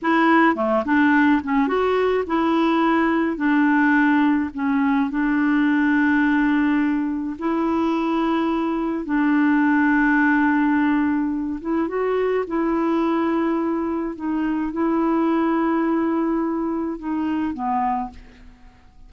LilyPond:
\new Staff \with { instrumentName = "clarinet" } { \time 4/4 \tempo 4 = 106 e'4 a8 d'4 cis'8 fis'4 | e'2 d'2 | cis'4 d'2.~ | d'4 e'2. |
d'1~ | d'8 e'8 fis'4 e'2~ | e'4 dis'4 e'2~ | e'2 dis'4 b4 | }